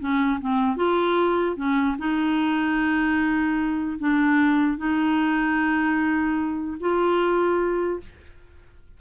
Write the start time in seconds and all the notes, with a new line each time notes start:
0.00 C#4
0.41 C4
0.77 F4
1.57 C#4
1.99 D#4
3.99 D4
4.78 D#4
6.80 F4